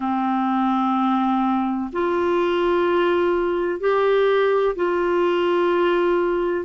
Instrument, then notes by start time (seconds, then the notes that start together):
clarinet
0.00 C4
1.92 F4
3.80 G4
4.75 F4